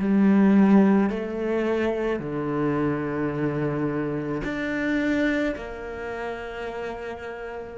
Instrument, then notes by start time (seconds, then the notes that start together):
cello
0.00 G3
1.11 A3
2.20 D3
4.44 D4
5.57 A#3